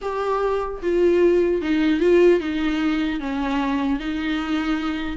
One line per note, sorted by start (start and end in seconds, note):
0.01 0.81 G4
0.82 1.61 F4
1.61 1.99 D#4
1.99 2.39 F4
2.39 3.19 D#4
3.19 3.99 C#4
3.99 5.17 D#4